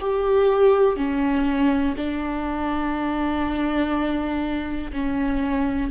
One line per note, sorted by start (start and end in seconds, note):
0.00 0.97 G4
0.97 1.95 C#4
1.97 4.92 D4
4.93 5.91 C#4